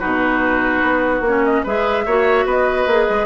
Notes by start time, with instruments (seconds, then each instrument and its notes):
0.00 bassoon B2, clarinet D#4, oboe F#4, flute B4
0.83 bassoon B3
1.21 bassoon A#3
1.27 clarinet C#4, flute C#5
1.45 flute D#5
1.64 bassoon G#3, clarinet G#4, oboe B4, flute E5
2.06 bassoon A#3, clarinet F#4, oboe C#5
2.45 bassoon B3, oboe B4, flute D#5
2.87 bassoon A#3, clarinet G#4
3.10 bassoon G#3